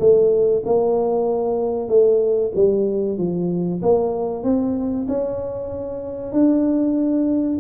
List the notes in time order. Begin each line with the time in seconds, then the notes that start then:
0.00 A3
0.66 A#3
1.89 A3
2.55 G3
3.18 F3
3.82 A#3
4.44 C4
5.08 C#4
6.33 D4